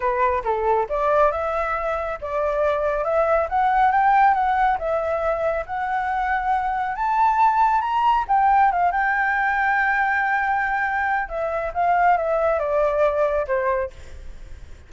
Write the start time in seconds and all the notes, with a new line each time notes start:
0.00 B4
0.43 A4
0.89 D5
1.31 E5
2.21 D5
3.04 E5
3.49 F#5
3.91 G5
4.34 F#5
4.78 E5
5.65 F#5
6.95 A5
7.81 A#5
8.28 G5
8.71 F5
8.91 G5
11.28 E5
11.74 F5
12.17 E5
12.59 D5
13.47 C5